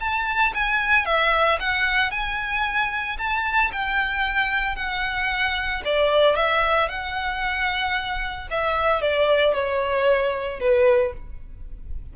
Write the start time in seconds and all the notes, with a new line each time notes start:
0.00 A5
0.54 G#5
1.05 E5
1.60 F#5
2.11 G#5
3.18 A5
3.72 G5
4.76 F#5
5.85 D5
6.36 E5
6.88 F#5
8.51 E5
9.01 D5
9.54 C#5
10.60 B4